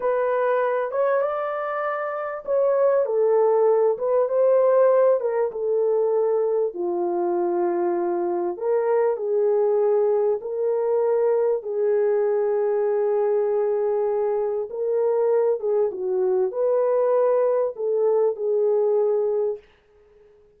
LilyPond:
\new Staff \with { instrumentName = "horn" } { \time 4/4 \tempo 4 = 98 b'4. cis''8 d''2 | cis''4 a'4. b'8 c''4~ | c''8 ais'8 a'2 f'4~ | f'2 ais'4 gis'4~ |
gis'4 ais'2 gis'4~ | gis'1 | ais'4. gis'8 fis'4 b'4~ | b'4 a'4 gis'2 | }